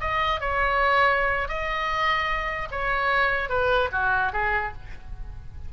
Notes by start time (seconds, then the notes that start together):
0.00 D#5
0.40 C#5
1.48 D#5
2.71 C#5
3.49 B4
3.92 F#4
4.32 G#4